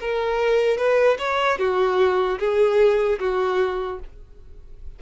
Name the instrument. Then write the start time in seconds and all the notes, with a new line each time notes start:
violin
0.00 A#4
0.77 B4
1.19 C#5
1.58 F#4
2.39 G#4
3.19 F#4